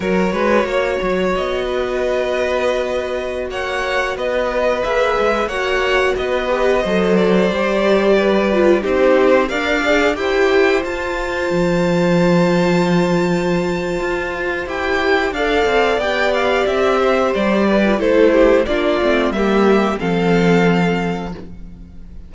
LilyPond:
<<
  \new Staff \with { instrumentName = "violin" } { \time 4/4 \tempo 4 = 90 cis''2 dis''2~ | dis''4~ dis''16 fis''4 dis''4 e''8.~ | e''16 fis''4 dis''4. d''4~ d''16~ | d''4~ d''16 c''4 f''4 g''8.~ |
g''16 a''2.~ a''8.~ | a''2 g''4 f''4 | g''8 f''8 e''4 d''4 c''4 | d''4 e''4 f''2 | }
  \new Staff \with { instrumentName = "violin" } { \time 4/4 ais'8 b'8 cis''4. b'4.~ | b'4~ b'16 cis''4 b'4.~ b'16~ | b'16 cis''4 b'4 c''4.~ c''16~ | c''16 b'4 g'4 d''4 c''8.~ |
c''1~ | c''2. d''4~ | d''4. c''4 b'8 a'8 g'8 | f'4 g'4 a'2 | }
  \new Staff \with { instrumentName = "viola" } { \time 4/4 fis'1~ | fis'2.~ fis'16 gis'8.~ | gis'16 fis'4. g'8 a'4 g'8.~ | g'8. f'8 dis'4 ais'8 gis'8 g'8.~ |
g'16 f'2.~ f'8.~ | f'2 g'4 a'4 | g'2~ g'8. f'16 e'4 | d'8 c'8 ais4 c'2 | }
  \new Staff \with { instrumentName = "cello" } { \time 4/4 fis8 gis8 ais8 fis8 b2~ | b4~ b16 ais4 b4 ais8 gis16~ | gis16 ais4 b4 fis4 g8.~ | g4~ g16 c'4 d'4 e'8.~ |
e'16 f'4 f2~ f8.~ | f4 f'4 e'4 d'8 c'8 | b4 c'4 g4 a4 | ais8 a8 g4 f2 | }
>>